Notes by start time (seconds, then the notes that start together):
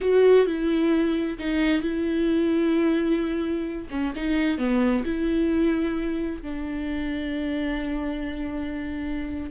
0.01 F#4
0.46 E4
1.38 D#4
1.81 E4
3.90 C#4
4.15 D#4
4.58 B3
5.04 E4
6.42 D4